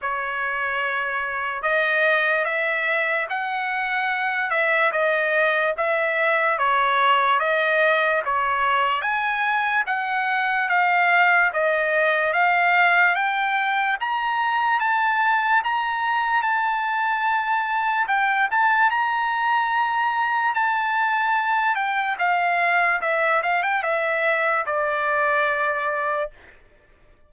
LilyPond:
\new Staff \with { instrumentName = "trumpet" } { \time 4/4 \tempo 4 = 73 cis''2 dis''4 e''4 | fis''4. e''8 dis''4 e''4 | cis''4 dis''4 cis''4 gis''4 | fis''4 f''4 dis''4 f''4 |
g''4 ais''4 a''4 ais''4 | a''2 g''8 a''8 ais''4~ | ais''4 a''4. g''8 f''4 | e''8 f''16 g''16 e''4 d''2 | }